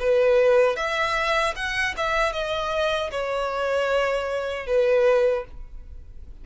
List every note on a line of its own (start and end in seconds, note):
0.00 0.77 B4
0.77 1.54 E5
1.56 1.95 F#5
1.97 2.33 E5
2.33 3.11 D#5
3.11 4.67 C#5
4.67 5.45 B4